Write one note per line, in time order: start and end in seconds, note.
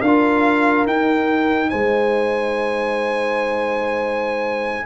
0.00 0.86 D4
0.00 0.87 F4
0.00 1.69 A#4
0.00 0.86 F5
0.86 1.71 D#4
0.86 4.86 D#4
0.86 1.70 G5
1.70 4.86 G#3
1.70 4.86 C5
1.70 4.86 G#5